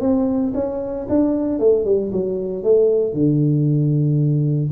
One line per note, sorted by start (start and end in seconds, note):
0.00 0.53 C4
0.54 1.07 C#4
1.09 1.59 D4
1.59 1.85 A3
1.85 2.11 G3
2.12 2.63 F#3
2.63 3.13 A3
3.13 4.71 D3